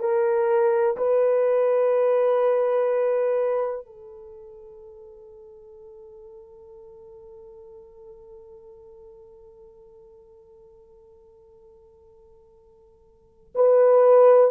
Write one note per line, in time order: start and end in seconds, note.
0.00 0.97 A#4
0.97 3.86 B4
3.86 13.54 A4
13.55 14.51 B4